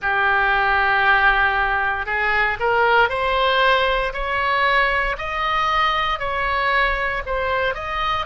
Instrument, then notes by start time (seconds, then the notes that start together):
oboe
0.01 G4
2.05 G#4
2.59 A#4
3.09 C5
4.13 C#5
5.17 D#5
6.19 C#5
7.26 C5
7.74 D#5